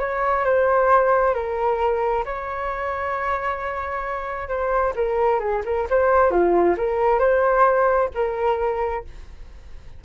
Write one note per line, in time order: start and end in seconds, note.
0.00 0.45 C#5
0.45 1.35 C5
1.35 2.25 A#4
2.26 4.49 C#5
4.49 4.94 C5
4.96 5.40 A#4
5.40 5.63 G#4
5.66 5.88 A#4
5.90 6.31 C5
6.31 6.76 F4
6.78 7.20 A#4
7.20 8.10 C5
8.15 9.05 A#4